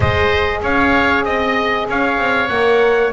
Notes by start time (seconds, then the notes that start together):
0.00 G#3 G#4 C5 D#5
0.61 C#4 C#5 F5
1.24 C4 D#5
1.88 C#4 C#5 F5
2.17 C4
2.48 A#3 A#4 F#5